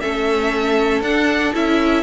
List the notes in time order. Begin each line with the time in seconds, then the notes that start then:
0.00 A3 C#4 A4 E5
1.01 D4 F#5
1.53 C#4 E4 E5